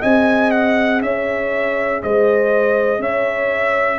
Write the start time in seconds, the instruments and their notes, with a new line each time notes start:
0.00 tuba C4, trombone G#4, horn D#5, trumpet G#5
0.51 trumpet F#5
1.02 tuba C#4, horn C#5, trumpet E5
2.03 tuba G#3, horn C5, trumpet D#5
3.00 tuba C#4, horn C#5, trumpet E5